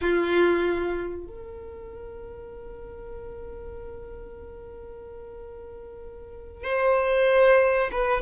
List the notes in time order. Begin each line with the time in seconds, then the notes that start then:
0.01 F4
1.26 A#4
6.63 C5
7.91 B4